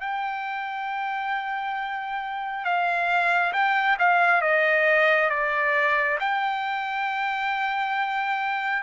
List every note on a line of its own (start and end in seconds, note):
0.00 2.64 G5
2.64 3.53 F5
3.53 3.97 G5
3.99 4.41 F5
4.41 5.29 D#5
5.30 6.18 D5
6.20 8.82 G5